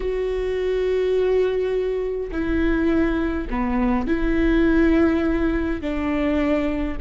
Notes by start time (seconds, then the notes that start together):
0.00 F#4
2.31 E4
3.50 B3
4.07 E4
5.81 D4